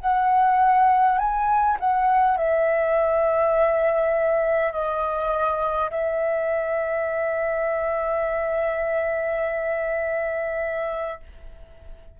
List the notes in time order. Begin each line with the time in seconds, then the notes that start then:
0.00 F#5
1.18 G#5
1.80 F#5
2.37 E5
4.72 D#5
5.90 E5